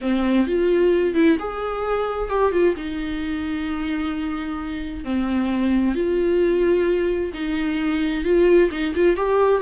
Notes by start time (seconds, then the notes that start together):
0.01 C4
0.46 F4
1.14 E4
1.39 G#4
2.29 G4
2.52 F4
2.76 D#4
5.04 C4
5.95 F4
7.33 D#4
8.24 F4
8.71 D#4
8.95 F4
9.16 G4